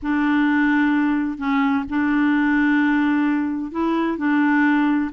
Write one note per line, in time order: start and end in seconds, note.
0.02 1.37 D4
1.37 1.84 C#4
1.89 3.71 D4
3.71 4.17 E4
4.17 5.10 D4